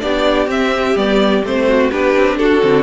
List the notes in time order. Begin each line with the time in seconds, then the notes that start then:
0.00 B3 D4 G4 D5
0.47 C4 E5
0.96 G3 B3 D5
1.43 A3 C4 C5
1.68 F#4
1.90 B3 D4 G4 B4
2.16 C4
2.37 D4 F#4 A4
2.61 D3 C4